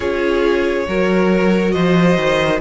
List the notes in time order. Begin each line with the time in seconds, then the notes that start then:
0.00 C#4 F4 G#4 C#5
0.87 F#3 F#4 A#4
1.71 F3 C5 D#5
2.16 D#3